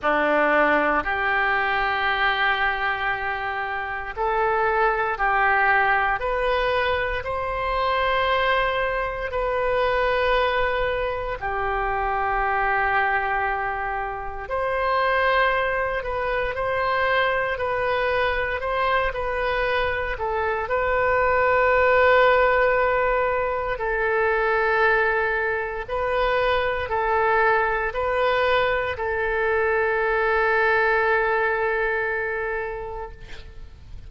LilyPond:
\new Staff \with { instrumentName = "oboe" } { \time 4/4 \tempo 4 = 58 d'4 g'2. | a'4 g'4 b'4 c''4~ | c''4 b'2 g'4~ | g'2 c''4. b'8 |
c''4 b'4 c''8 b'4 a'8 | b'2. a'4~ | a'4 b'4 a'4 b'4 | a'1 | }